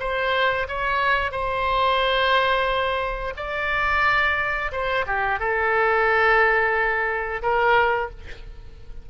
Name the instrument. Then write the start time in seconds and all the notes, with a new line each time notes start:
oboe
0.00 C5
0.69 C#5
1.32 C5
3.37 D5
4.72 C5
5.07 G4
5.40 A4
7.42 A#4